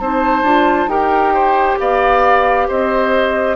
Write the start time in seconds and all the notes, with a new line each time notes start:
0.00 C4 D#4 C5 A5
0.43 D4 F4
0.87 D#4 G4 A#4 G5
1.34 C5
1.80 B3 D5 F5
2.68 C4 C5 D#5